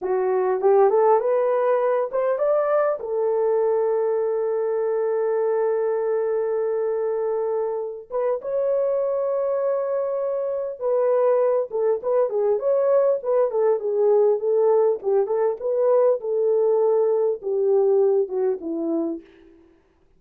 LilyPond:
\new Staff \with { instrumentName = "horn" } { \time 4/4 \tempo 4 = 100 fis'4 g'8 a'8 b'4. c''8 | d''4 a'2.~ | a'1~ | a'4. b'8 cis''2~ |
cis''2 b'4. a'8 | b'8 gis'8 cis''4 b'8 a'8 gis'4 | a'4 g'8 a'8 b'4 a'4~ | a'4 g'4. fis'8 e'4 | }